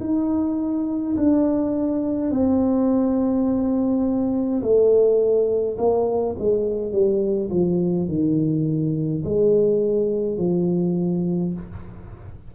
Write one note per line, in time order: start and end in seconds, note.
0.00 1.15 D#4
1.16 2.30 D4
2.30 4.61 C4
4.62 5.77 A3
5.77 6.35 A#3
6.38 6.92 G#3
6.92 7.49 G3
7.50 8.08 F3
8.08 9.23 D#3
9.24 10.37 G#3
10.37 11.53 F3